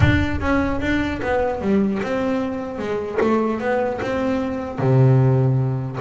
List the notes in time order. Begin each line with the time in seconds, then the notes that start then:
0.00 D4
0.40 C#4
0.81 D4
1.22 B3
1.61 G3
2.02 C4
2.78 G#3
3.21 A3
3.60 B3
4.01 C4
4.78 C3